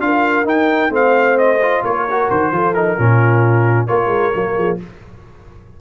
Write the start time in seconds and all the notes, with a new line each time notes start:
0.00 D4 F4 A#4 F5
0.44 D#4 G5
0.90 A3 C4 C5 F5
1.38 D#5
1.63 F4
1.83 A#3 A#4 C#5
2.10 F#4
2.30 D#3 C5
2.51 F3 F4 A4
2.74 D#4 A#4
2.98 A#2 C#4 F4
3.87 A#3 F4 A#4 C#5
4.07 G#3
4.33 F#3 A#3
4.55 F3 G#4